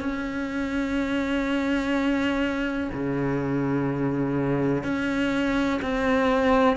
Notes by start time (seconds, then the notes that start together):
0.00 C#4
2.93 C#3
4.83 C#4
5.82 C4